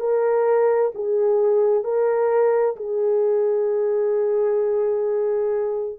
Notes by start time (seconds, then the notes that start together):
0.00 A#4
0.95 G#4
1.84 A#4
2.77 G#4